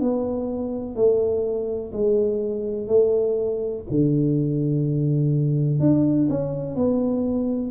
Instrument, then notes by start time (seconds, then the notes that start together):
tuba
0.00 B3
0.95 A3
1.92 G#3
2.87 A3
3.90 D3
5.80 D4
6.29 C#4
6.75 B3